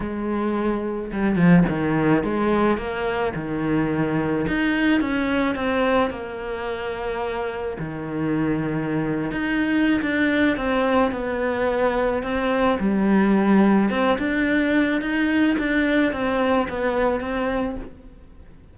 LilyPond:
\new Staff \with { instrumentName = "cello" } { \time 4/4 \tempo 4 = 108 gis2 g8 f8 dis4 | gis4 ais4 dis2 | dis'4 cis'4 c'4 ais4~ | ais2 dis2~ |
dis8. dis'4~ dis'16 d'4 c'4 | b2 c'4 g4~ | g4 c'8 d'4. dis'4 | d'4 c'4 b4 c'4 | }